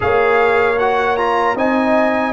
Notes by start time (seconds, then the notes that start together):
0.00 A#3 G#4 C#5 F5
0.79 F#4 F#5
1.17 F4 A#5
1.55 C4 D#4 D#5 G#5